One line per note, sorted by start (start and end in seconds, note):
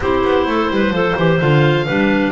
0.00 0.22 C4
0.00 0.93 E4
0.00 0.47 G4
0.00 1.39 C5
0.24 0.46 B3
0.46 0.69 A3
0.46 0.70 A4
0.70 0.90 G3
0.70 0.93 B4
0.90 1.13 F3
0.90 1.17 A4
0.90 1.85 C5
1.17 1.40 E3
1.17 1.40 G4
1.39 1.88 D3
1.39 1.87 F4
1.39 2.32 F5
1.85 2.32 G3
1.85 2.32 D4
1.85 2.32 B4